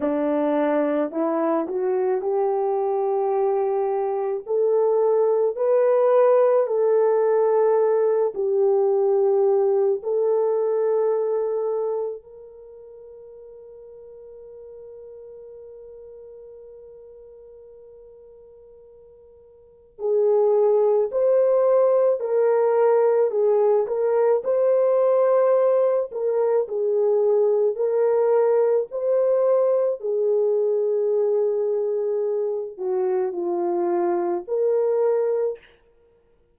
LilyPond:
\new Staff \with { instrumentName = "horn" } { \time 4/4 \tempo 4 = 54 d'4 e'8 fis'8 g'2 | a'4 b'4 a'4. g'8~ | g'4 a'2 ais'4~ | ais'1~ |
ais'2 gis'4 c''4 | ais'4 gis'8 ais'8 c''4. ais'8 | gis'4 ais'4 c''4 gis'4~ | gis'4. fis'8 f'4 ais'4 | }